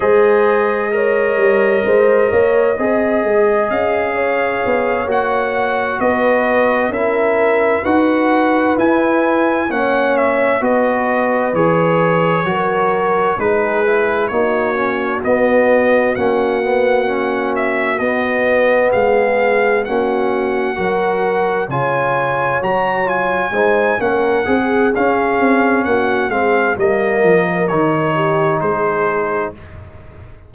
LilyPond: <<
  \new Staff \with { instrumentName = "trumpet" } { \time 4/4 \tempo 4 = 65 dis''1 | f''4. fis''4 dis''4 e''8~ | e''8 fis''4 gis''4 fis''8 e''8 dis''8~ | dis''8 cis''2 b'4 cis''8~ |
cis''8 dis''4 fis''4. e''8 dis''8~ | dis''8 f''4 fis''2 gis''8~ | gis''8 ais''8 gis''4 fis''4 f''4 | fis''8 f''8 dis''4 cis''4 c''4 | }
  \new Staff \with { instrumentName = "horn" } { \time 4/4 c''4 cis''4 c''8 cis''8 dis''4~ | dis''8 cis''2 b'4 ais'8~ | ais'8 b'2 cis''4 b'8~ | b'4. ais'4 gis'4 fis'8~ |
fis'1~ | fis'8 gis'4 fis'4 ais'4 cis''8~ | cis''4. c''8 ais'8 gis'4. | fis'8 gis'8 ais'4. g'8 gis'4 | }
  \new Staff \with { instrumentName = "trombone" } { \time 4/4 gis'4 ais'2 gis'4~ | gis'4. fis'2 e'8~ | e'8 fis'4 e'4 cis'4 fis'8~ | fis'8 gis'4 fis'4 dis'8 e'8 dis'8 |
cis'8 b4 cis'8 b8 cis'4 b8~ | b4. cis'4 fis'4 f'8~ | f'8 fis'8 f'8 dis'8 cis'8 gis'8 cis'4~ | cis'8 c'8 ais4 dis'2 | }
  \new Staff \with { instrumentName = "tuba" } { \time 4/4 gis4. g8 gis8 ais8 c'8 gis8 | cis'4 b8 ais4 b4 cis'8~ | cis'8 dis'4 e'4 ais4 b8~ | b8 e4 fis4 gis4 ais8~ |
ais8 b4 ais2 b8~ | b8 gis4 ais4 fis4 cis8~ | cis8 fis4 gis8 ais8 c'8 cis'8 c'8 | ais8 gis8 g8 f8 dis4 gis4 | }
>>